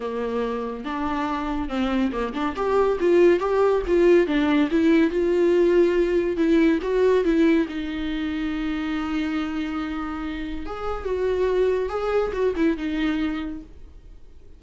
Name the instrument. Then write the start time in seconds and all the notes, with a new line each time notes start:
viola
0.00 A#3
0.85 D4
1.68 C4
2.11 A#3
2.33 D4
2.55 G4
2.99 F4
3.39 G4
3.87 F4
4.26 D4
4.70 E4
5.10 F4
6.36 E4
6.81 F#4
7.24 E4
7.68 D#4
10.65 G#4
11.04 F#4
11.89 G#4
12.32 F#4
12.56 E4
12.77 D#4